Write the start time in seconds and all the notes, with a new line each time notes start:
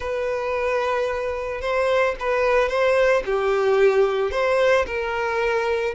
0.00 B4
1.61 C5
2.19 B4
2.69 C5
3.25 G4
4.31 C5
4.86 A#4